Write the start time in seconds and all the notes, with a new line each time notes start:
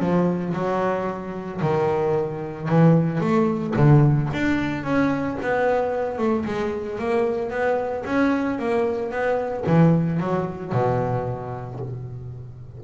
0.00 F3
0.54 F#3
1.62 D#3
2.69 E3
3.21 A3
3.76 D3
4.34 D4
4.84 C#4
5.42 B3
6.18 A3
6.45 G#3
6.99 A#3
7.51 B3
8.06 C#4
8.59 A#3
9.11 B3
9.67 E3
10.20 F#3
10.73 B2